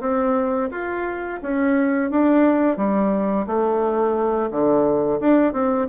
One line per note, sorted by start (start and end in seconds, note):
0.00 0.69 C4
0.71 1.40 F4
1.42 2.10 C#4
2.10 2.77 D4
2.77 3.46 G3
3.46 4.50 A3
4.51 5.20 D3
5.20 5.53 D4
5.53 5.87 C4